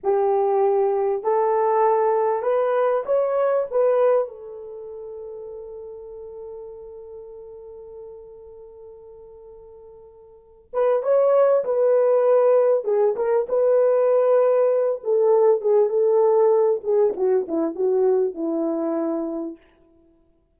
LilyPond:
\new Staff \with { instrumentName = "horn" } { \time 4/4 \tempo 4 = 98 g'2 a'2 | b'4 cis''4 b'4 a'4~ | a'1~ | a'1~ |
a'4. b'8 cis''4 b'4~ | b'4 gis'8 ais'8 b'2~ | b'8 a'4 gis'8 a'4. gis'8 | fis'8 e'8 fis'4 e'2 | }